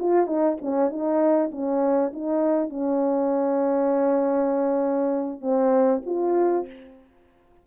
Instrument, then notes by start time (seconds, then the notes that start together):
horn
0.00 F4
0.27 D#4
0.62 C#4
0.90 D#4
1.52 C#4
2.14 D#4
2.70 C#4
5.42 C4
6.06 F4